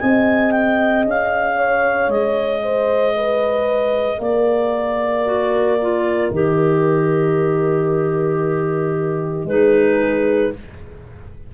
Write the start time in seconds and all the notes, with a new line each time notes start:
0.00 C4 G#4 D#5 G#5
0.51 G5
1.05 C#4 F5
1.56 C#5
2.08 G#3 D#5
2.62 C5
3.16 B4
4.18 A#3 A#4 D5
5.24 F#4
5.82 F4
6.31 D#3 G4 D#5
9.45 G#3 D#4 G#4 B4